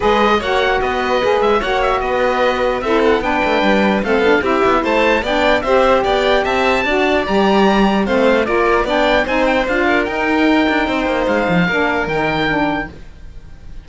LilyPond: <<
  \new Staff \with { instrumentName = "oboe" } { \time 4/4 \tempo 4 = 149 dis''4 fis''4 dis''4. e''8 | fis''8 e''8 dis''2 e''8 fis''8 | g''2 f''4 e''4 | a''4 g''4 e''4 g''4 |
a''2 ais''2 | f''4 d''4 g''4 gis''8 g''8 | f''4 g''2. | f''2 g''2 | }
  \new Staff \with { instrumentName = "violin" } { \time 4/4 b'4 cis''4 b'2 | cis''4 b'2 a'4 | b'2 a'4 g'4 | c''4 d''4 c''4 d''4 |
e''4 d''2. | c''4 ais'4 d''4 c''4~ | c''8 ais'2~ ais'8 c''4~ | c''4 ais'2. | }
  \new Staff \with { instrumentName = "saxophone" } { \time 4/4 gis'4 fis'2 gis'4 | fis'2. e'4 | d'2 c'8 d'8 e'4~ | e'4 d'4 g'2~ |
g'4 fis'4 g'2 | c'4 f'4 d'4 dis'4 | f'4 dis'2.~ | dis'4 d'4 dis'4 d'4 | }
  \new Staff \with { instrumentName = "cello" } { \time 4/4 gis4 ais4 b4 ais8 gis8 | ais4 b2 c'4 | b8 a8 g4 a8 b8 c'8 b8 | a4 b4 c'4 b4 |
c'4 d'4 g2 | a4 ais4 b4 c'4 | d'4 dis'4. d'8 c'8 ais8 | gis8 f8 ais4 dis2 | }
>>